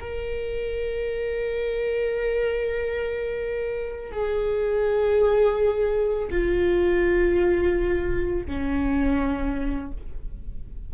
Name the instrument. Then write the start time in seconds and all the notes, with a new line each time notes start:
viola
0.00 A#4
4.12 G#4
6.30 F4
8.46 C#4